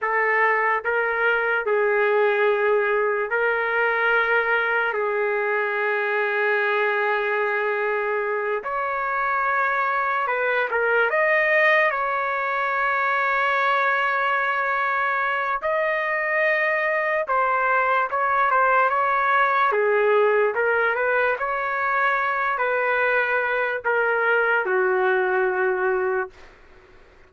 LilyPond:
\new Staff \with { instrumentName = "trumpet" } { \time 4/4 \tempo 4 = 73 a'4 ais'4 gis'2 | ais'2 gis'2~ | gis'2~ gis'8 cis''4.~ | cis''8 b'8 ais'8 dis''4 cis''4.~ |
cis''2. dis''4~ | dis''4 c''4 cis''8 c''8 cis''4 | gis'4 ais'8 b'8 cis''4. b'8~ | b'4 ais'4 fis'2 | }